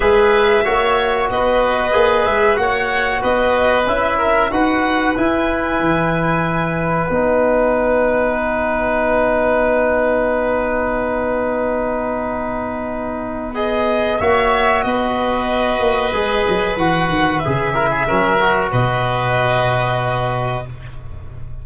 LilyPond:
<<
  \new Staff \with { instrumentName = "violin" } { \time 4/4 \tempo 4 = 93 e''2 dis''4. e''8 | fis''4 dis''4 e''4 fis''4 | gis''2. fis''4~ | fis''1~ |
fis''1~ | fis''4 dis''4 e''4 dis''4~ | dis''2 fis''4 e''4~ | e''4 dis''2. | }
  \new Staff \with { instrumentName = "oboe" } { \time 4/4 b'4 cis''4 b'2 | cis''4 b'4. ais'8 b'4~ | b'1~ | b'1~ |
b'1~ | b'2 cis''4 b'4~ | b'2.~ b'8 ais'16 gis'16 | ais'4 b'2. | }
  \new Staff \with { instrumentName = "trombone" } { \time 4/4 gis'4 fis'2 gis'4 | fis'2 e'4 fis'4 | e'2. dis'4~ | dis'1~ |
dis'1~ | dis'4 gis'4 fis'2~ | fis'4 gis'4 fis'4 gis'8 e'8 | cis'8 fis'2.~ fis'8 | }
  \new Staff \with { instrumentName = "tuba" } { \time 4/4 gis4 ais4 b4 ais8 gis8 | ais4 b4 cis'4 dis'4 | e'4 e2 b4~ | b1~ |
b1~ | b2 ais4 b4~ | b8 ais8 gis8 fis8 e8 dis8 cis4 | fis4 b,2. | }
>>